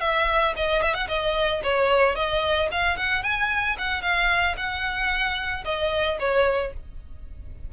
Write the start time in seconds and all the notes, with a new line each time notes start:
0.00 E5
0.56 D#5
0.82 E5
0.94 F#5
1.07 D#5
1.63 C#5
2.15 D#5
2.71 F5
2.97 F#5
3.23 G#5
3.78 F#5
4.02 F5
4.57 F#5
5.64 D#5
6.19 C#5